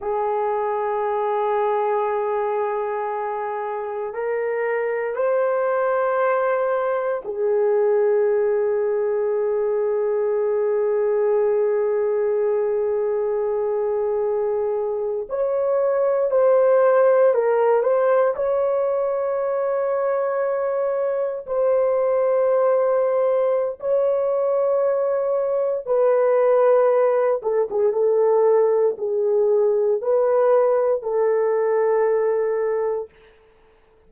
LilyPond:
\new Staff \with { instrumentName = "horn" } { \time 4/4 \tempo 4 = 58 gis'1 | ais'4 c''2 gis'4~ | gis'1~ | gis'2~ gis'8. cis''4 c''16~ |
c''8. ais'8 c''8 cis''2~ cis''16~ | cis''8. c''2~ c''16 cis''4~ | cis''4 b'4. a'16 gis'16 a'4 | gis'4 b'4 a'2 | }